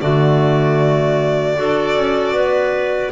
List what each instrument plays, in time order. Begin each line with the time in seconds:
0.00 double bass D3, clarinet A3 F#4, violin D5
1.55 double bass D4, clarinet F#4 A4
1.95 double bass C#4
2.31 double bass B3, clarinet B4